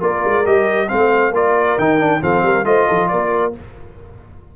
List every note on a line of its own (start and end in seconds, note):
0.00 0.23 A#3
0.00 0.44 F4
0.00 0.88 A#4
0.00 0.46 D5
0.24 0.46 G#3
0.46 0.90 G3
0.46 0.87 G4
0.46 0.89 D#5
0.87 1.31 A3
0.87 1.32 C4
0.87 1.33 C5
0.87 1.33 F5
1.31 1.75 A#3
1.31 1.78 F4
1.31 2.21 A#4
1.31 1.78 D5
1.77 2.22 D#3
1.77 1.98 D#4
1.77 2.22 G5
1.98 2.20 D4
2.21 2.42 F3
2.21 2.64 C4
2.21 2.43 A4
2.21 2.65 F5
2.42 2.64 G3
2.42 2.66 A#4
2.64 2.86 A3
2.64 3.52 F4
2.64 2.87 C5
2.64 3.08 D#5
2.87 3.12 F3
2.87 3.09 A4
3.08 3.56 A#3
3.08 3.55 A#4
3.08 3.52 D5